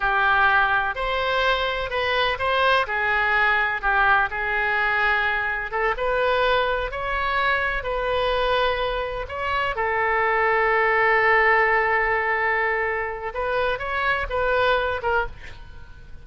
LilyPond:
\new Staff \with { instrumentName = "oboe" } { \time 4/4 \tempo 4 = 126 g'2 c''2 | b'4 c''4 gis'2 | g'4 gis'2. | a'8 b'2 cis''4.~ |
cis''8 b'2. cis''8~ | cis''8 a'2.~ a'8~ | a'1 | b'4 cis''4 b'4. ais'8 | }